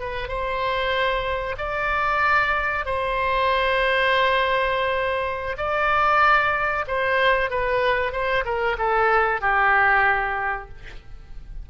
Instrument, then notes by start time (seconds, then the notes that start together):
oboe
0.00 B4
0.28 C5
1.58 D5
2.86 C5
5.58 D5
6.88 C5
7.51 B4
8.13 C5
8.45 A#4
8.79 A4
9.41 G4